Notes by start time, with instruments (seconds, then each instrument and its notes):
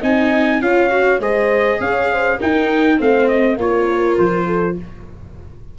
0.00 tuba C4, viola D#4, horn D#5, trumpet G#5
0.61 tuba C#4, viola F4, horn C#5, trumpet F5
0.89 viola F#4
1.19 tuba G#3, viola G#4, horn C5, trumpet D#5
1.80 tuba C#4, horn C#5, trumpet F5
2.12 horn C5
2.38 viola D#4, tuba D#4, horn A#4, trumpet G5
2.97 tuba A3, viola C4, horn C5, trumpet F5
3.28 trumpet D#5
3.56 tuba A#3, viola F4, horn A#4, trumpet C#5
4.18 tuba F3, trumpet C5
4.46 horn A4